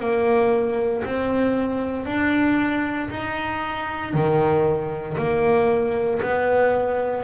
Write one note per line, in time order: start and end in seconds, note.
0.00 1.03 A#3
1.04 2.06 C4
2.06 3.09 D4
3.10 4.14 D#4
4.14 5.17 D#3
5.18 6.21 A#3
6.22 7.24 B3